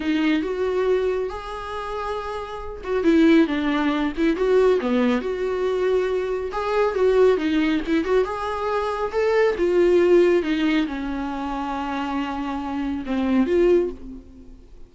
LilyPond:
\new Staff \with { instrumentName = "viola" } { \time 4/4 \tempo 4 = 138 dis'4 fis'2 gis'4~ | gis'2~ gis'8 fis'8 e'4 | d'4. e'8 fis'4 b4 | fis'2. gis'4 |
fis'4 dis'4 e'8 fis'8 gis'4~ | gis'4 a'4 f'2 | dis'4 cis'2.~ | cis'2 c'4 f'4 | }